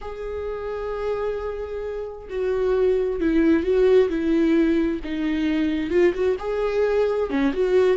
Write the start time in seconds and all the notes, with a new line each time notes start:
0.01 G#4
2.29 F#4
3.20 E4
3.63 F#4
4.09 E4
5.04 D#4
5.90 F4
6.13 F#4
6.39 G#4
7.30 C#4
7.52 F#4